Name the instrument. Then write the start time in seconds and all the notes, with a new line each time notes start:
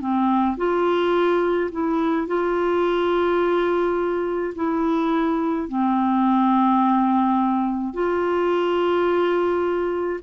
clarinet
0.00 C4
0.57 F4
1.71 E4
2.27 F4
4.55 E4
5.68 C4
7.93 F4